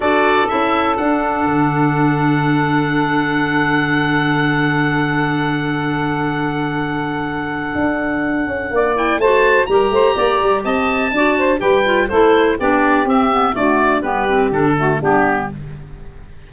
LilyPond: <<
  \new Staff \with { instrumentName = "oboe" } { \time 4/4 \tempo 4 = 124 d''4 e''4 fis''2~ | fis''1~ | fis''1~ | fis''1~ |
fis''2~ fis''8 g''8 a''4 | ais''2 a''2 | g''4 c''4 d''4 e''4 | d''4 b'4 a'4 g'4 | }
  \new Staff \with { instrumentName = "saxophone" } { \time 4/4 a'1~ | a'1~ | a'1~ | a'1~ |
a'2 d''4 c''4 | ais'8 c''8 d''4 dis''4 d''8 c''8 | b'4 a'4 g'2 | fis'4 g'4. fis'8 d'4 | }
  \new Staff \with { instrumentName = "clarinet" } { \time 4/4 fis'4 e'4 d'2~ | d'1~ | d'1~ | d'1~ |
d'2~ d'8 e'8 fis'4 | g'2. fis'4 | g'8 f'8 e'4 d'4 c'8 b8 | a4 b8 c'8 d'8 a8 b4 | }
  \new Staff \with { instrumentName = "tuba" } { \time 4/4 d'4 cis'4 d'4 d4~ | d1~ | d1~ | d1 |
d'4. cis'8 ais4 a4 | g8 a8 ais8 g8 c'4 d'4 | g4 a4 b4 c'4 | d'4 g4 d4 g4 | }
>>